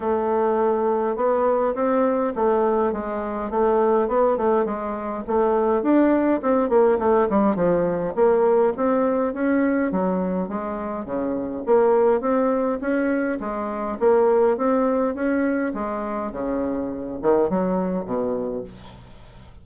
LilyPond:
\new Staff \with { instrumentName = "bassoon" } { \time 4/4 \tempo 4 = 103 a2 b4 c'4 | a4 gis4 a4 b8 a8 | gis4 a4 d'4 c'8 ais8 | a8 g8 f4 ais4 c'4 |
cis'4 fis4 gis4 cis4 | ais4 c'4 cis'4 gis4 | ais4 c'4 cis'4 gis4 | cis4. dis8 fis4 b,4 | }